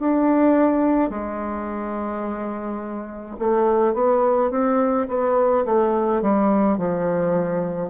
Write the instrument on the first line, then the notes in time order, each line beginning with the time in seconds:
bassoon
0.00 D4
1.10 G#3
3.39 A3
3.94 B3
4.51 C4
5.08 B3
5.66 A3
6.22 G3
6.78 F3